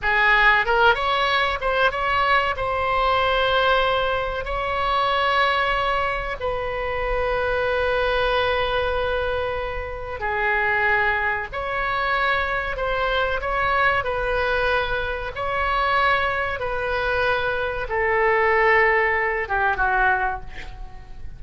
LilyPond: \new Staff \with { instrumentName = "oboe" } { \time 4/4 \tempo 4 = 94 gis'4 ais'8 cis''4 c''8 cis''4 | c''2. cis''4~ | cis''2 b'2~ | b'1 |
gis'2 cis''2 | c''4 cis''4 b'2 | cis''2 b'2 | a'2~ a'8 g'8 fis'4 | }